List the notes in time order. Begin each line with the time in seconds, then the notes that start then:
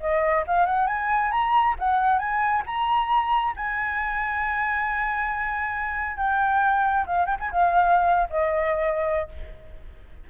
0.00 D#5
0.47 F5
0.66 F#5
0.87 G#5
1.31 A#5
1.79 F#5
2.18 G#5
2.66 A#5
3.56 G#5
6.17 G5
7.06 F5
7.26 G5
7.40 G#5
7.51 F5
8.30 D#5